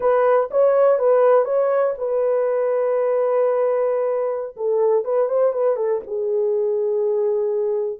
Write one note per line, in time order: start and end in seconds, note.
0.00 0.49 B4
0.51 0.98 C#5
0.98 1.45 B4
1.45 1.94 C#5
1.98 4.56 B4
4.56 5.04 A4
5.04 5.28 B4
5.28 5.52 C5
5.52 5.76 B4
5.76 6.01 A4
6.06 7.99 G#4